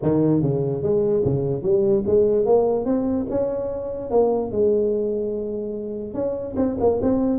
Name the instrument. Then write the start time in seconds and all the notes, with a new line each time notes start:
tuba
0.02 D#3
0.41 C#3
0.82 G#3
1.24 C#3
1.62 G3
2.06 G#3
2.45 A#3
2.85 C4
3.30 C#4
4.10 A#3
4.51 G#3
6.14 C#4
6.56 C4
6.80 A#3
7.02 C4